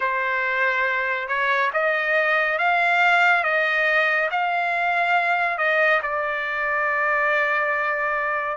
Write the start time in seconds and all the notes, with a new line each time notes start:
0.00 C5
1.27 C#5
1.73 D#5
2.58 F5
3.43 D#5
4.31 F5
5.58 D#5
6.02 D5